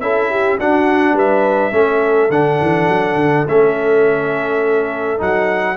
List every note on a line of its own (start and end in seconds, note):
0.00 0.58 C#4
0.00 0.59 E4
0.00 0.30 A4
0.00 0.58 E5
0.30 0.58 G4
0.58 1.13 D4
0.58 1.71 D4
0.58 1.14 F#4
0.58 1.17 F#5
1.13 1.71 G3
1.13 1.71 B4
1.13 2.31 E5
1.71 2.29 A3
1.71 2.29 C#4
1.71 5.77 A4
2.29 2.58 D3
2.29 3.47 D4
2.29 3.46 F#5
2.61 2.88 E3
2.88 3.15 F#3
3.15 3.44 D3
3.47 5.20 A3
3.47 5.17 C#4
3.47 5.21 E5
5.17 5.77 F#3
5.17 5.75 D#4
5.17 5.77 F#5